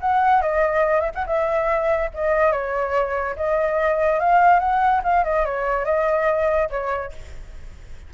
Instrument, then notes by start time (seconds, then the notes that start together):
flute
0.00 F#5
0.41 D#5
1.00 E5
1.14 F#5
1.26 E5
2.14 D#5
2.52 C#5
3.35 D#5
4.19 F5
4.59 F#5
5.03 F5
5.24 D#5
5.45 C#5
5.85 D#5
6.70 C#5